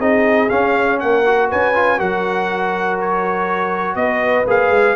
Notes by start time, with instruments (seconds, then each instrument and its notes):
0.00 tuba C4, trombone D#4, horn G#4, trumpet D#5
0.49 trombone C#4, tuba C#4, trumpet F5
1.00 tuba A#3, horn A#4, trumpet F#5
1.26 trombone F#4
1.50 tuba C#4, horn B4, trumpet G#5
1.75 trombone F4
1.98 tuba F#3, trombone F#4, horn A#4, trumpet F#5
3.01 trumpet C#5
3.96 tuba B3, horn B4, trumpet D#5
4.47 tuba A#3, trombone G#4, trumpet F5
4.70 tuba G#3